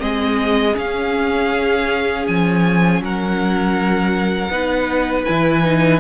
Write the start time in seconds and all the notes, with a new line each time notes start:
0.00 G#3 C4 G#4 D#5
0.74 C#4 F5
2.27 F3 G#5
3.01 F#3 A#4 F#5
4.49 B3 D#4 B4
5.25 E3 E4 G#5
5.64 D#4